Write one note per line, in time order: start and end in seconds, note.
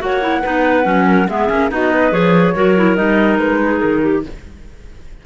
0.00 0.42 A#3
0.00 0.21 F#4
0.00 0.42 C#5
0.00 1.28 F#5
0.22 0.43 E4
0.42 0.85 B3
0.42 0.84 D#4
0.42 1.05 B4
0.84 1.27 F#3
0.84 1.26 C#4
1.07 1.28 A#4
1.28 1.50 G#3
1.28 1.49 B3
1.28 1.71 G#4
1.28 1.71 E5
1.49 1.71 A#3
1.49 1.70 C#4
1.70 2.12 B3
1.70 2.12 D#4
1.70 1.91 F#4
1.70 2.13 D#5
1.91 2.54 B4
2.12 2.54 F3
2.12 2.54 G#4
2.12 2.96 C#5
2.55 2.98 F#3
2.55 2.76 F#4
2.55 3.61 A#4
2.77 2.97 E4
2.96 3.39 G3
2.96 4.24 D#4
2.96 3.38 D#5
3.38 3.81 G#3
3.38 3.79 B4
3.64 4.01 G#4
3.79 4.26 D#3
3.79 4.22 A#4
4.01 4.23 G4